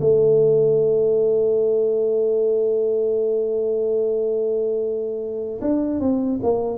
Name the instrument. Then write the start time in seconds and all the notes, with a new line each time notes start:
tuba
0.00 A3
5.61 D4
6.00 C4
6.43 A#3